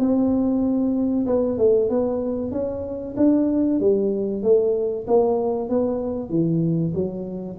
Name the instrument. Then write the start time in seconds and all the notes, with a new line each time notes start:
tuba
0.00 C4
1.27 B3
1.58 A3
1.90 B3
2.52 C#4
3.17 D4
3.80 G3
4.43 A3
5.08 A#3
5.70 B3
6.30 E3
6.95 F#3